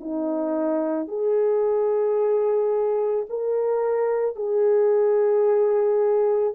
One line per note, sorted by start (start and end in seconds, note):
0.00 1.08 D#4
1.08 3.26 G#4
3.30 4.36 A#4
4.36 6.54 G#4